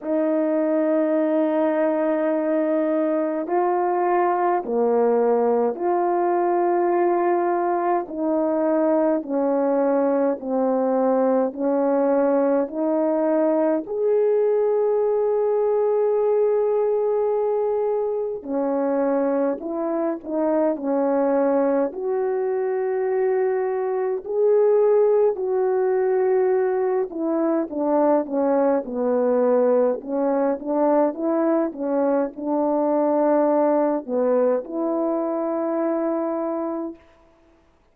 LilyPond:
\new Staff \with { instrumentName = "horn" } { \time 4/4 \tempo 4 = 52 dis'2. f'4 | ais4 f'2 dis'4 | cis'4 c'4 cis'4 dis'4 | gis'1 |
cis'4 e'8 dis'8 cis'4 fis'4~ | fis'4 gis'4 fis'4. e'8 | d'8 cis'8 b4 cis'8 d'8 e'8 cis'8 | d'4. b8 e'2 | }